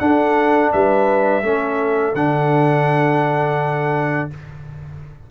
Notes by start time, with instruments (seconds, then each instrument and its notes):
0.00 trombone D4, tuba D4, horn A4, trumpet F#5
0.73 tuba G3, horn B4, trumpet E5
1.43 tuba A3, trombone C#4, horn A4
2.14 tuba D3, trombone D4, trumpet F#5